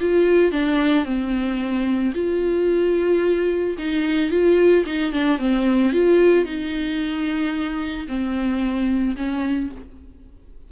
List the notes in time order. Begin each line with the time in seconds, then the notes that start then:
0.00 F4
0.52 D4
1.05 C4
2.14 F4
3.78 D#4
4.30 F4
4.86 D#4
5.13 D4
5.38 C4
5.92 F4
6.45 D#4
8.07 C4
9.16 C#4